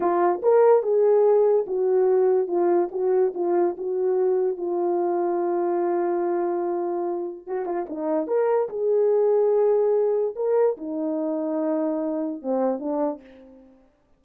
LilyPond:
\new Staff \with { instrumentName = "horn" } { \time 4/4 \tempo 4 = 145 f'4 ais'4 gis'2 | fis'2 f'4 fis'4 | f'4 fis'2 f'4~ | f'1~ |
f'2 fis'8 f'8 dis'4 | ais'4 gis'2.~ | gis'4 ais'4 dis'2~ | dis'2 c'4 d'4 | }